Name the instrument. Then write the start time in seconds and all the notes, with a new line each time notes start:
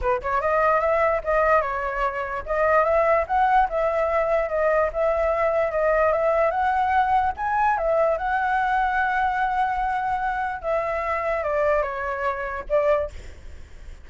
flute
0.01 B4
0.22 C#5
0.41 D#5
0.80 E5
1.24 D#5
1.61 C#5
2.46 D#5
2.84 E5
3.27 F#5
3.69 E5
4.49 D#5
4.93 E5
5.71 D#5
6.12 E5
6.50 F#5
7.36 G#5
7.77 E5
8.17 F#5
10.61 E5
11.43 D5
11.82 C#5
12.69 D5